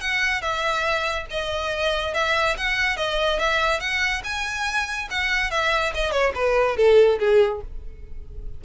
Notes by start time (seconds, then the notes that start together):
0.00 F#5
0.41 E5
1.30 D#5
2.14 E5
2.57 F#5
2.97 D#5
3.39 E5
3.80 F#5
4.23 G#5
5.10 F#5
5.50 E5
5.94 D#5
6.11 C#5
6.35 B4
6.76 A4
7.19 G#4